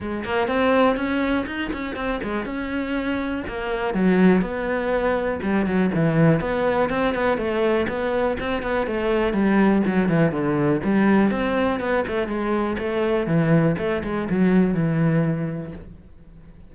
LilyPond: \new Staff \with { instrumentName = "cello" } { \time 4/4 \tempo 4 = 122 gis8 ais8 c'4 cis'4 dis'8 cis'8 | c'8 gis8 cis'2 ais4 | fis4 b2 g8 fis8 | e4 b4 c'8 b8 a4 |
b4 c'8 b8 a4 g4 | fis8 e8 d4 g4 c'4 | b8 a8 gis4 a4 e4 | a8 gis8 fis4 e2 | }